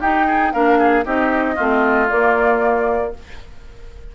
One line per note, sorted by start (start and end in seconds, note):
0.00 0.53 D#4
0.00 0.26 G4
0.00 0.52 G5
0.26 0.52 G#4
0.52 1.05 A#3
0.52 1.04 D4
0.52 0.78 A#4
0.52 1.05 F5
0.78 1.04 G#4
1.04 1.57 C4
1.04 1.56 D#4
1.04 1.55 G4
1.04 2.08 D#5
1.55 2.11 A3
1.55 2.09 C4
1.55 3.11 F4
2.08 3.14 A#3
2.08 3.15 A#3
2.08 3.13 D5